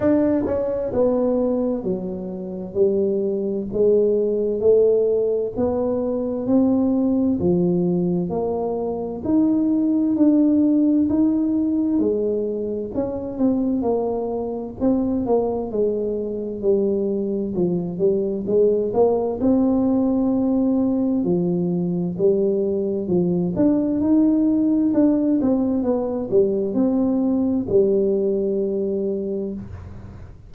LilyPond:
\new Staff \with { instrumentName = "tuba" } { \time 4/4 \tempo 4 = 65 d'8 cis'8 b4 fis4 g4 | gis4 a4 b4 c'4 | f4 ais4 dis'4 d'4 | dis'4 gis4 cis'8 c'8 ais4 |
c'8 ais8 gis4 g4 f8 g8 | gis8 ais8 c'2 f4 | g4 f8 d'8 dis'4 d'8 c'8 | b8 g8 c'4 g2 | }